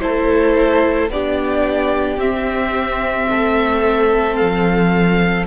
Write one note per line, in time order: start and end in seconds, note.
0.00 1.09 A3
0.00 1.09 E4
0.00 1.12 A4
0.00 1.09 C5
1.09 2.17 B3
1.09 2.20 D4
1.09 3.30 G4
1.09 2.20 D5
2.17 3.27 C4
2.17 5.47 C4
2.17 4.36 E5
3.30 4.41 A3
3.30 5.47 A4
4.36 5.47 F3
4.36 5.45 F5